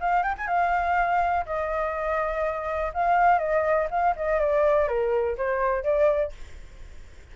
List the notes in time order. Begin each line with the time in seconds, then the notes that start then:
0.00 F5
0.23 G5
0.38 G#5
0.47 F5
1.45 D#5
2.94 F5
3.39 D#5
3.90 F5
4.16 D#5
4.39 D5
4.88 A#4
5.37 C5
5.83 D5